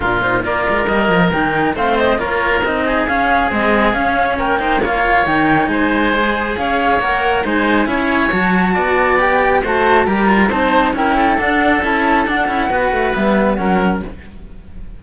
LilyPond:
<<
  \new Staff \with { instrumentName = "flute" } { \time 4/4 \tempo 4 = 137 ais'8 c''8 d''4 dis''4 g''4 | f''8 dis''8 cis''4 dis''4 f''4 | dis''4 f''4 g''4 f''4 | g''4 gis''2 f''4 |
fis''4 gis''2 a''4~ | a''4 g''4 a''4 ais''4 | a''4 g''4 fis''4 a''4 | fis''2 e''4 fis''4 | }
  \new Staff \with { instrumentName = "oboe" } { \time 4/4 f'4 ais'2. | c''4 ais'4. gis'4.~ | gis'2 ais'8 c''8 cis''4~ | cis''4 c''2 cis''4~ |
cis''4 c''4 cis''2 | d''2 c''4 ais'4 | c''4 ais'8 a'2~ a'8~ | a'4 b'2 ais'4 | }
  \new Staff \with { instrumentName = "cello" } { \time 4/4 d'8 dis'8 f'4 ais4 dis'4 | c'4 f'4 dis'4 cis'4 | gis4 cis'4. dis'8 f'4 | dis'2 gis'2 |
ais'4 dis'4 e'4 fis'4~ | fis'4 g'4 fis'4 g'8 f'8 | dis'4 e'4 d'4 e'4 | d'8 e'8 fis'4 b4 cis'4 | }
  \new Staff \with { instrumentName = "cello" } { \time 4/4 ais,4 ais8 gis8 g8 f8 dis4 | a4 ais4 c'4 cis'4 | c'4 cis'4 ais2 | dis4 gis2 cis'4 |
ais4 gis4 cis'4 fis4 | b2 a4 g4 | c'4 cis'4 d'4 cis'4 | d'8 cis'8 b8 a8 g4 fis4 | }
>>